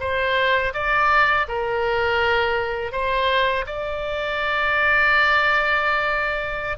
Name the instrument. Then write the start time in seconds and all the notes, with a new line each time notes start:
oboe
0.00 C5
0.74 D5
1.48 A#4
2.92 C5
3.66 D5